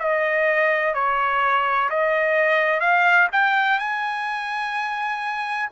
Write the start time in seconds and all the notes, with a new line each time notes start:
0.00 D#5
0.95 C#5
1.90 D#5
2.81 F5
3.32 G5
3.79 G#5